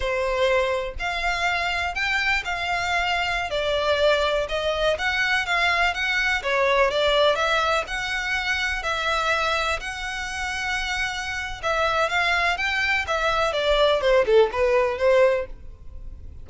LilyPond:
\new Staff \with { instrumentName = "violin" } { \time 4/4 \tempo 4 = 124 c''2 f''2 | g''4 f''2~ f''16 d''8.~ | d''4~ d''16 dis''4 fis''4 f''8.~ | f''16 fis''4 cis''4 d''4 e''8.~ |
e''16 fis''2 e''4.~ e''16~ | e''16 fis''2.~ fis''8. | e''4 f''4 g''4 e''4 | d''4 c''8 a'8 b'4 c''4 | }